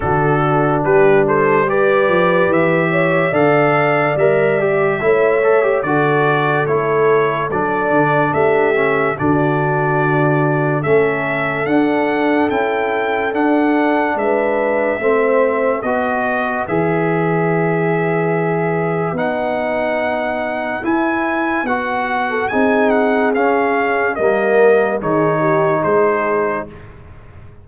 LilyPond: <<
  \new Staff \with { instrumentName = "trumpet" } { \time 4/4 \tempo 4 = 72 a'4 b'8 c''8 d''4 e''4 | f''4 e''2 d''4 | cis''4 d''4 e''4 d''4~ | d''4 e''4 fis''4 g''4 |
fis''4 e''2 dis''4 | e''2. fis''4~ | fis''4 gis''4 fis''4 gis''8 fis''8 | f''4 dis''4 cis''4 c''4 | }
  \new Staff \with { instrumentName = "horn" } { \time 4/4 fis'4 g'8 a'8 b'4. cis''8 | d''2 cis''4 a'4~ | a'2 g'4 fis'4~ | fis'4 a'2.~ |
a'4 b'4 c''4 b'4~ | b'1~ | b'2~ b'8. a'16 gis'4~ | gis'4 ais'4 gis'8 g'8 gis'4 | }
  \new Staff \with { instrumentName = "trombone" } { \time 4/4 d'2 g'2 | a'4 ais'8 g'8 e'8 a'16 g'16 fis'4 | e'4 d'4. cis'8 d'4~ | d'4 cis'4 d'4 e'4 |
d'2 c'4 fis'4 | gis'2. dis'4~ | dis'4 e'4 fis'4 dis'4 | cis'4 ais4 dis'2 | }
  \new Staff \with { instrumentName = "tuba" } { \time 4/4 d4 g4. f8 e4 | d4 g4 a4 d4 | a4 fis8 d8 a4 d4~ | d4 a4 d'4 cis'4 |
d'4 gis4 a4 b4 | e2. b4~ | b4 e'4 b4 c'4 | cis'4 g4 dis4 gis4 | }
>>